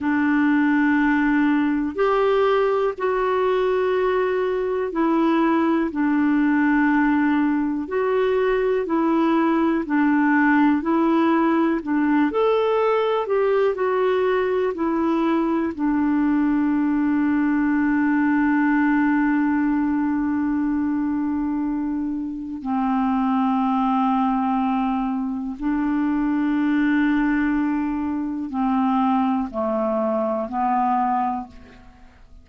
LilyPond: \new Staff \with { instrumentName = "clarinet" } { \time 4/4 \tempo 4 = 61 d'2 g'4 fis'4~ | fis'4 e'4 d'2 | fis'4 e'4 d'4 e'4 | d'8 a'4 g'8 fis'4 e'4 |
d'1~ | d'2. c'4~ | c'2 d'2~ | d'4 c'4 a4 b4 | }